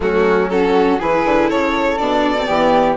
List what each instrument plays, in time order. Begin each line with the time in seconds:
0.00 bassoon F#3, viola A3, flute C#4, violin F#4
0.49 viola C#4, flute F#4, violin A4
0.99 bassoon E3, viola E4, flute G#4, violin B4
1.25 bassoon D3
1.49 bassoon C#3, flute A4, violin C#5
1.97 bassoon B2, viola D4, violin D5
2.37 viola C4
2.45 bassoon E3, viola B3, flute G4